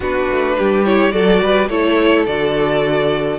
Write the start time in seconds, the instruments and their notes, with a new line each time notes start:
0.00 cello B3, viola D4, violin F#4 B4
0.30 cello A3
0.57 cello G3, violin G4
0.85 viola E4, violin C#5
1.11 cello F#3, viola F#4, violin A4 D5
1.41 cello G3, violin B4
1.68 cello A3, viola E4, violin A4 C#5
2.26 cello D3, viola F#4, violin D5